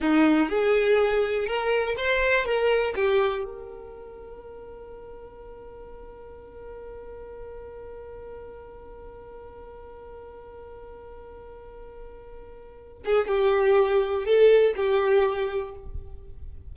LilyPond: \new Staff \with { instrumentName = "violin" } { \time 4/4 \tempo 4 = 122 dis'4 gis'2 ais'4 | c''4 ais'4 g'4 ais'4~ | ais'1~ | ais'1~ |
ais'1~ | ais'1~ | ais'2~ ais'8 gis'8 g'4~ | g'4 a'4 g'2 | }